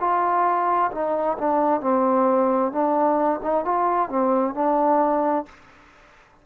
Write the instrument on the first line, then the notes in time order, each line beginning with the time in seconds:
trombone
0.00 F4
0.92 D#4
1.38 D4
1.81 C4
2.72 D4
3.43 D#4
3.64 F4
4.09 C4
4.55 D4